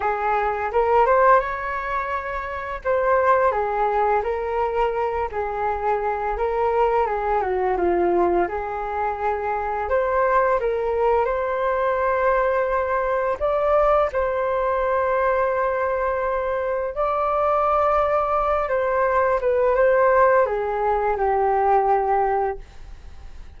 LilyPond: \new Staff \with { instrumentName = "flute" } { \time 4/4 \tempo 4 = 85 gis'4 ais'8 c''8 cis''2 | c''4 gis'4 ais'4. gis'8~ | gis'4 ais'4 gis'8 fis'8 f'4 | gis'2 c''4 ais'4 |
c''2. d''4 | c''1 | d''2~ d''8 c''4 b'8 | c''4 gis'4 g'2 | }